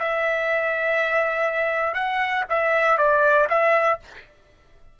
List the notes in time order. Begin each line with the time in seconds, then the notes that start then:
0.00 E5
1.95 F#5
2.50 E5
2.98 D5
3.50 E5